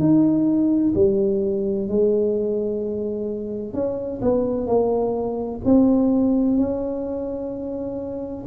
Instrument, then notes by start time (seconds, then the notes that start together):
tuba
0.00 D#4
0.95 G3
1.88 G#3
3.74 C#4
4.22 B3
4.67 A#3
5.65 C4
6.58 C#4